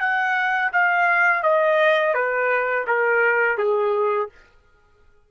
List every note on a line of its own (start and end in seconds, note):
0.00 0.71 F#5
0.72 1.43 F5
1.43 2.14 D#5
2.14 2.85 B4
2.87 3.57 A#4
3.57 4.29 G#4